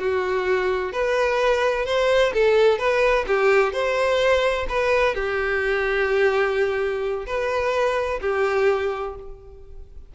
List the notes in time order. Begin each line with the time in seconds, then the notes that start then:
0.00 F#4
0.93 B4
1.86 C5
2.34 A4
2.79 B4
3.28 G4
3.73 C5
4.69 B4
5.15 G4
7.27 B4
8.22 G4